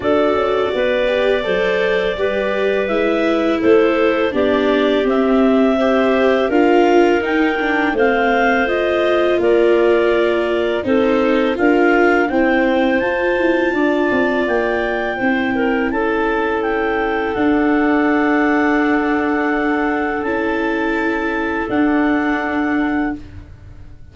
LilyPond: <<
  \new Staff \with { instrumentName = "clarinet" } { \time 4/4 \tempo 4 = 83 d''1 | e''4 c''4 d''4 e''4~ | e''4 f''4 g''4 f''4 | dis''4 d''2 c''4 |
f''4 g''4 a''2 | g''2 a''4 g''4 | fis''1 | a''2 fis''2 | }
  \new Staff \with { instrumentName = "clarinet" } { \time 4/4 a'4 b'4 c''4 b'4~ | b'4 a'4 g'2 | c''4 ais'2 c''4~ | c''4 ais'2 a'4 |
ais'4 c''2 d''4~ | d''4 c''8 ais'8 a'2~ | a'1~ | a'1 | }
  \new Staff \with { instrumentName = "viola" } { \time 4/4 fis'4. g'8 a'4 g'4 | e'2 d'4 c'4 | g'4 f'4 dis'8 d'8 c'4 | f'2. dis'4 |
f'4 c'4 f'2~ | f'4 e'2. | d'1 | e'2 d'2 | }
  \new Staff \with { instrumentName = "tuba" } { \time 4/4 d'8 cis'8 b4 fis4 g4 | gis4 a4 b4 c'4~ | c'4 d'4 dis'4 a4~ | a4 ais2 c'4 |
d'4 e'4 f'8 e'8 d'8 c'8 | ais4 c'4 cis'2 | d'1 | cis'2 d'2 | }
>>